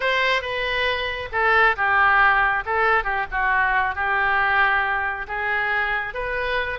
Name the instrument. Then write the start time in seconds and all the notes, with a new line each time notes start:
oboe
0.00 C5
0.41 B4
1.32 A4
1.76 G4
2.65 A4
3.03 G4
3.31 F#4
3.95 G4
5.27 G#4
6.14 B4